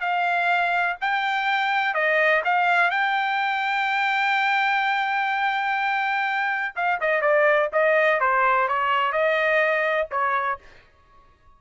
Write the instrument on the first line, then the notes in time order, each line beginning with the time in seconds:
trumpet
0.00 F5
1.01 G5
1.94 D#5
2.44 F5
2.90 G5
6.75 F5
7.00 D#5
7.21 D5
7.72 D#5
8.20 C5
8.68 C#5
9.12 D#5
10.11 C#5